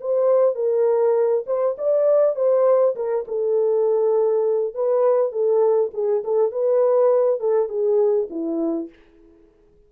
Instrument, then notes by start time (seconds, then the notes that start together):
horn
0.00 C5
0.55 A#4
1.46 C5
1.78 D5
2.35 C5
2.95 A#4
3.28 A4
4.74 B4
5.32 A4
5.94 G#4
6.24 A4
6.52 B4
7.40 A4
7.68 G#4
8.30 E4